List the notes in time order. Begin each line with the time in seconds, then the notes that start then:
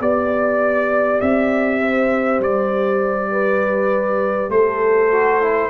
0.00 B3 G4 D5
1.21 C4 E5
1.81 C5
2.40 G3 D5
3.31 B4
4.49 A3 A4 C5
5.11 F#4
5.41 E4